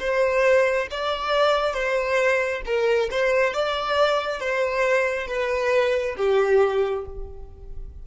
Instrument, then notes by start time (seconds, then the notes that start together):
violin
0.00 C5
0.91 D5
1.74 C5
2.66 A#4
3.11 C5
3.54 D5
4.40 C5
5.27 B4
6.17 G4